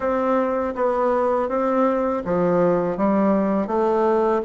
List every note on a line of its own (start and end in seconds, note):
0.00 0.74 C4
0.75 1.48 B3
1.48 2.22 C4
2.24 2.97 F3
2.97 3.67 G3
3.67 4.41 A3